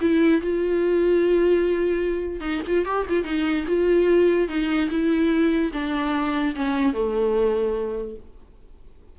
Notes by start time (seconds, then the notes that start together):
0.00 E4
0.41 F4
2.40 D#4
2.67 F4
2.85 G4
3.09 F4
3.24 D#4
3.67 F4
4.48 D#4
4.90 E4
5.73 D4
6.55 C#4
6.93 A3